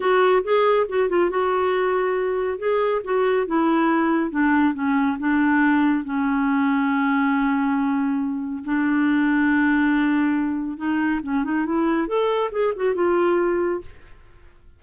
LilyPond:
\new Staff \with { instrumentName = "clarinet" } { \time 4/4 \tempo 4 = 139 fis'4 gis'4 fis'8 f'8 fis'4~ | fis'2 gis'4 fis'4 | e'2 d'4 cis'4 | d'2 cis'2~ |
cis'1 | d'1~ | d'4 dis'4 cis'8 dis'8 e'4 | a'4 gis'8 fis'8 f'2 | }